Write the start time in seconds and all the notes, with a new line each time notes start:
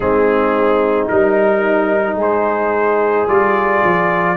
0.00 G#3 C4 D#4 G#4
1.08 G3 D#4 A#4
2.15 G#3 G#4
2.21 C5
3.27 G3 F4 D5
3.83 F3